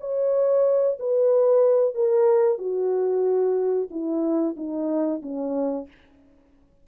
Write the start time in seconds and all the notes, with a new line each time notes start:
0.00 C#5
0.99 B4
1.95 A#4
2.58 F#4
3.90 E4
4.57 D#4
5.22 C#4